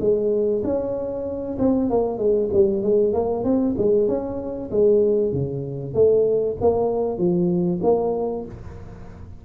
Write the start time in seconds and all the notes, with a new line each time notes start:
0.00 G#3
0.64 C#4
1.59 C4
1.90 A#3
2.18 G#3
2.53 G3
2.83 G#3
3.13 A#3
3.44 C4
3.78 G#3
4.08 C#4
4.71 G#3
5.32 C#3
5.94 A3
6.61 A#3
7.18 F3
7.83 A#3